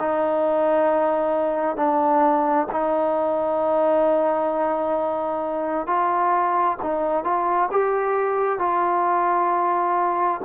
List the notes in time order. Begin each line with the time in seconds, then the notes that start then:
0.00 D#4
1.76 D4
2.72 D#4
5.87 F4
6.82 D#4
7.24 F4
7.71 G4
8.59 F4